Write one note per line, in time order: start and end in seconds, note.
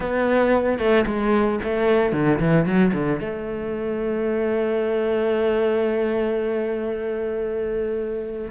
0.00 0.78 B3
0.78 1.05 A3
1.06 1.59 G#3
1.63 2.12 A3
2.12 2.39 D3
2.39 2.65 E3
2.65 2.92 F#3
2.93 3.20 D3
3.20 8.51 A3